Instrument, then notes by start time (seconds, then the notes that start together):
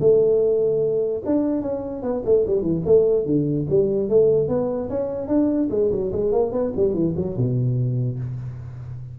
tuba
0.00 A3
1.25 D4
1.62 C#4
2.02 B3
2.25 A3
2.46 G3
2.61 E3
2.85 A3
3.25 D3
3.69 G3
4.09 A3
4.48 B3
4.89 C#4
5.28 D4
5.70 G#3
5.91 F#3
6.12 G#3
6.32 A#3
6.52 B3
6.76 G3
6.94 E3
7.16 F#3
7.37 B2